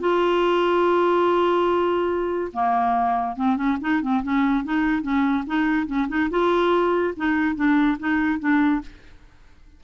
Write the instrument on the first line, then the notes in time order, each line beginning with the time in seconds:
clarinet
0.00 F4
2.53 A#3
3.36 C4
3.56 C#4
3.81 D#4
4.01 C4
4.23 C#4
4.64 D#4
5.02 C#4
5.46 D#4
5.86 C#4
6.08 D#4
6.30 F4
7.16 D#4
7.55 D4
7.99 D#4
8.39 D4